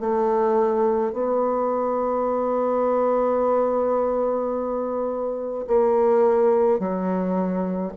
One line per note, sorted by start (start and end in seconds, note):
0.00 1.13 A3
1.13 5.66 B3
5.67 6.79 A#3
6.79 7.92 F#3